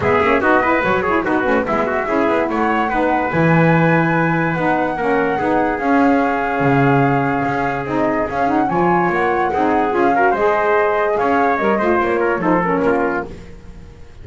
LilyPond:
<<
  \new Staff \with { instrumentName = "flute" } { \time 4/4 \tempo 4 = 145 e''4 dis''4 cis''4 b'4 | e''2 fis''2 | gis''2. fis''4~ | fis''2 f''2~ |
f''2. dis''4 | f''8 fis''8 gis''4 fis''2 | f''4 dis''2 f''4 | dis''4 cis''4 c''8 ais'4. | }
  \new Staff \with { instrumentName = "trumpet" } { \time 4/4 gis'4 fis'8 b'4 gis'8 fis'4 | e'8 fis'8 gis'4 cis''4 b'4~ | b'1 | ais'4 gis'2.~ |
gis'1~ | gis'4 cis''2 gis'4~ | gis'8 ais'8 c''2 cis''4~ | cis''8 c''4 ais'8 a'4 f'4 | }
  \new Staff \with { instrumentName = "saxophone" } { \time 4/4 b8 cis'8 dis'8 e'8 fis'8 e'8 dis'8 cis'8 | b4 e'2 dis'4 | e'2. dis'4 | cis'4 dis'4 cis'2~ |
cis'2. dis'4 | cis'8 dis'8 f'2 dis'4 | f'8 fis'8 gis'2. | ais'8 f'4. dis'8 cis'4. | }
  \new Staff \with { instrumentName = "double bass" } { \time 4/4 gis8 ais8 b4 fis4 b8 a8 | gis4 cis'8 b8 a4 b4 | e2. b4 | ais4 b4 cis'2 |
cis2 cis'4 c'4 | cis'4 f4 ais4 c'4 | cis'4 gis2 cis'4 | g8 a8 ais4 f4 ais4 | }
>>